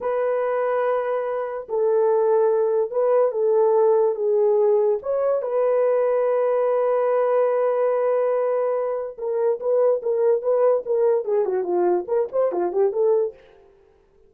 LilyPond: \new Staff \with { instrumentName = "horn" } { \time 4/4 \tempo 4 = 144 b'1 | a'2. b'4 | a'2 gis'2 | cis''4 b'2.~ |
b'1~ | b'2 ais'4 b'4 | ais'4 b'4 ais'4 gis'8 fis'8 | f'4 ais'8 c''8 f'8 g'8 a'4 | }